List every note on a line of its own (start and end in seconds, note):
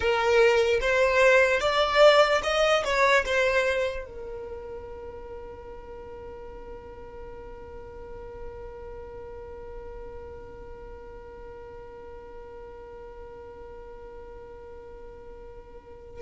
0.00 0.80 A#4
0.80 1.60 C5
1.60 2.41 D5
2.43 2.83 D#5
2.84 3.24 C#5
3.25 4.05 C5
4.05 16.21 A#4